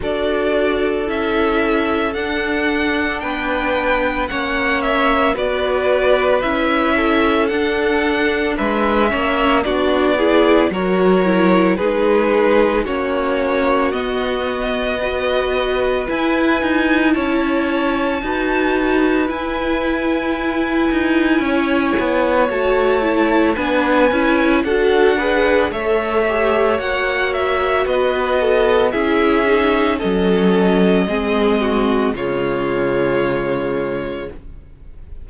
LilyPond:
<<
  \new Staff \with { instrumentName = "violin" } { \time 4/4 \tempo 4 = 56 d''4 e''4 fis''4 g''4 | fis''8 e''8 d''4 e''4 fis''4 | e''4 d''4 cis''4 b'4 | cis''4 dis''2 gis''4 |
a''2 gis''2~ | gis''4 a''4 gis''4 fis''4 | e''4 fis''8 e''8 dis''4 e''4 | dis''2 cis''2 | }
  \new Staff \with { instrumentName = "violin" } { \time 4/4 a'2. b'4 | cis''4 b'4. a'4. | b'8 cis''8 fis'8 gis'8 ais'4 gis'4 | fis'2 b'2 |
cis''4 b'2. | cis''2 b'4 a'8 b'8 | cis''2 b'8 a'8 gis'4 | a'4 gis'8 fis'8 f'2 | }
  \new Staff \with { instrumentName = "viola" } { \time 4/4 fis'4 e'4 d'2 | cis'4 fis'4 e'4 d'4~ | d'8 cis'8 d'8 e'8 fis'8 e'8 dis'4 | cis'4 b4 fis'4 e'4~ |
e'4 fis'4 e'2~ | e'4 fis'8 e'8 d'8 e'8 fis'8 gis'8 | a'8 g'8 fis'2 e'8 dis'8 | cis'4 c'4 gis2 | }
  \new Staff \with { instrumentName = "cello" } { \time 4/4 d'4 cis'4 d'4 b4 | ais4 b4 cis'4 d'4 | gis8 ais8 b4 fis4 gis4 | ais4 b2 e'8 dis'8 |
cis'4 dis'4 e'4. dis'8 | cis'8 b8 a4 b8 cis'8 d'4 | a4 ais4 b4 cis'4 | fis4 gis4 cis2 | }
>>